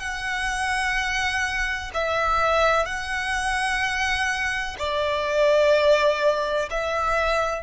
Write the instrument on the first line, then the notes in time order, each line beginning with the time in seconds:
violin
0.00 F#5
1.94 E5
2.85 F#5
4.78 D5
6.70 E5